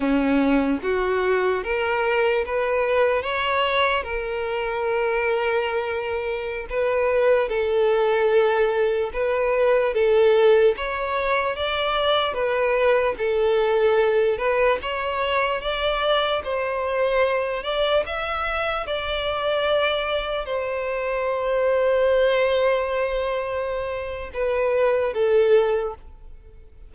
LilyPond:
\new Staff \with { instrumentName = "violin" } { \time 4/4 \tempo 4 = 74 cis'4 fis'4 ais'4 b'4 | cis''4 ais'2.~ | ais'16 b'4 a'2 b'8.~ | b'16 a'4 cis''4 d''4 b'8.~ |
b'16 a'4. b'8 cis''4 d''8.~ | d''16 c''4. d''8 e''4 d''8.~ | d''4~ d''16 c''2~ c''8.~ | c''2 b'4 a'4 | }